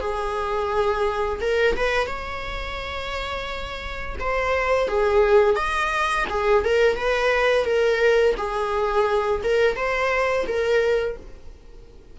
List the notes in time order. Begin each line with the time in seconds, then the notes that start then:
0.00 G#4
1.41 A#4
1.76 B4
2.06 C#5
4.19 C5
4.88 G#4
5.56 D#5
6.29 G#4
6.64 A#4
6.96 B4
7.65 A#4
8.37 G#4
9.44 A#4
9.76 C5
10.47 A#4